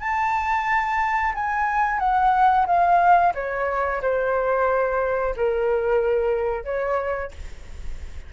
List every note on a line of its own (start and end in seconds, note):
0.00 1.33 A5
1.34 1.99 G#5
1.99 2.66 F#5
2.66 3.33 F5
3.34 4.01 C#5
4.02 5.35 C5
5.36 6.65 A#4
6.65 7.31 C#5